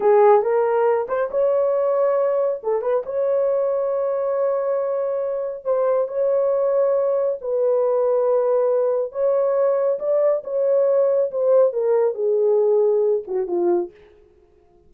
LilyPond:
\new Staff \with { instrumentName = "horn" } { \time 4/4 \tempo 4 = 138 gis'4 ais'4. c''8 cis''4~ | cis''2 a'8 b'8 cis''4~ | cis''1~ | cis''4 c''4 cis''2~ |
cis''4 b'2.~ | b'4 cis''2 d''4 | cis''2 c''4 ais'4 | gis'2~ gis'8 fis'8 f'4 | }